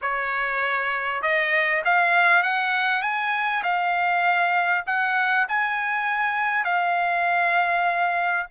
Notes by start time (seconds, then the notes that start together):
0.01 C#5
1.21 D#5
1.84 F5
2.42 F#5
3.02 G#5
3.63 F5
4.86 F#5
5.48 G#5
6.64 F5